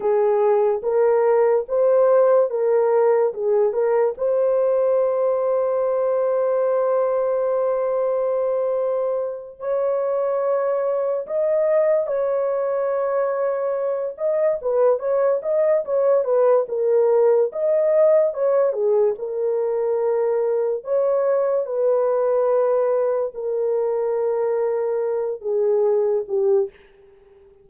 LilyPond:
\new Staff \with { instrumentName = "horn" } { \time 4/4 \tempo 4 = 72 gis'4 ais'4 c''4 ais'4 | gis'8 ais'8 c''2.~ | c''2.~ c''8 cis''8~ | cis''4. dis''4 cis''4.~ |
cis''4 dis''8 b'8 cis''8 dis''8 cis''8 b'8 | ais'4 dis''4 cis''8 gis'8 ais'4~ | ais'4 cis''4 b'2 | ais'2~ ais'8 gis'4 g'8 | }